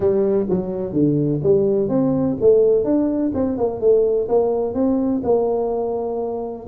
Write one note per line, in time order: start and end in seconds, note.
0.00 0.46 G3
0.49 0.92 F#3
0.92 1.40 D3
1.43 1.89 G3
1.89 2.36 C4
2.40 2.84 A3
2.84 3.32 D4
3.34 3.57 C4
3.57 3.80 A#3
3.80 4.28 A3
4.28 4.73 A#3
4.73 5.21 C4
5.23 6.66 A#3